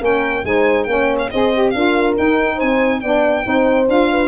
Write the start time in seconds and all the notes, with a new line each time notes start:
0.00 A#3 C#4 A#4 G5
0.44 G#3 D#4 C5 G#5
0.83 A#3 C#4 G5
0.90 C#5
1.18 F5
1.30 C4 G#4 C5 D#5
1.53 G4
1.70 D4 F4 A#4 F5
2.16 D#4 G5
2.55 C4 C5 G#5
3.00 B3 D4 D5 G5
3.43 C4 D#4 C5
3.88 D4 F4 F5
4.11 B4